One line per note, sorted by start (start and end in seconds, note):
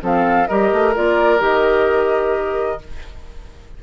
0.00 0.48 F3
0.00 0.47 C4
0.00 0.48 A4
0.00 0.47 F5
0.47 0.72 G3
0.47 0.94 G4
0.47 2.81 A#4
0.47 0.93 D#5
0.72 0.95 A3
0.94 1.40 A#3
0.94 1.38 F4
0.94 1.42 D5
1.38 2.79 D#3
1.38 2.78 G4
1.38 2.82 D#5